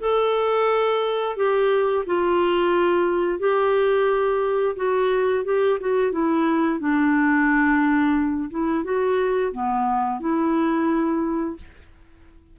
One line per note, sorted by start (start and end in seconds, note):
0.00 1.36 A4
1.36 2.05 G4
2.06 3.39 F4
3.39 4.75 G4
4.76 5.44 F#4
5.45 5.79 G4
5.80 6.12 F#4
6.12 6.79 E4
6.79 8.50 D4
8.50 8.84 E4
8.84 9.52 F#4
9.52 10.20 B3
10.20 11.56 E4